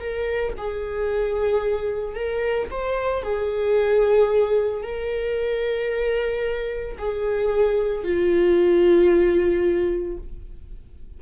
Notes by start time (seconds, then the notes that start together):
0.00 A#4
0.57 G#4
2.15 A#4
2.71 C5
3.23 G#4
4.83 A#4
6.98 G#4
8.04 F4